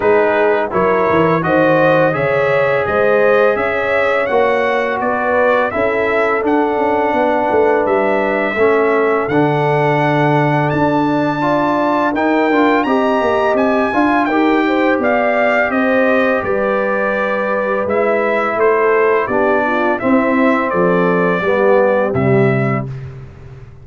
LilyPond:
<<
  \new Staff \with { instrumentName = "trumpet" } { \time 4/4 \tempo 4 = 84 b'4 cis''4 dis''4 e''4 | dis''4 e''4 fis''4 d''4 | e''4 fis''2 e''4~ | e''4 fis''2 a''4~ |
a''4 g''4 ais''4 gis''4 | g''4 f''4 dis''4 d''4~ | d''4 e''4 c''4 d''4 | e''4 d''2 e''4 | }
  \new Staff \with { instrumentName = "horn" } { \time 4/4 gis'4 ais'4 c''4 cis''4 | c''4 cis''2 b'4 | a'2 b'2 | a'1 |
d''4 ais'4 dis''4. f''8 | ais'8 c''8 d''4 c''4 b'4~ | b'2 a'4 g'8 f'8 | e'4 a'4 g'2 | }
  \new Staff \with { instrumentName = "trombone" } { \time 4/4 dis'4 e'4 fis'4 gis'4~ | gis'2 fis'2 | e'4 d'2. | cis'4 d'2. |
f'4 dis'8 f'8 g'4. f'8 | g'1~ | g'4 e'2 d'4 | c'2 b4 g4 | }
  \new Staff \with { instrumentName = "tuba" } { \time 4/4 gis4 fis8 e8 dis4 cis4 | gis4 cis'4 ais4 b4 | cis'4 d'8 cis'8 b8 a8 g4 | a4 d2 d'4~ |
d'4 dis'8 d'8 c'8 ais8 c'8 d'8 | dis'4 b4 c'4 g4~ | g4 gis4 a4 b4 | c'4 f4 g4 c4 | }
>>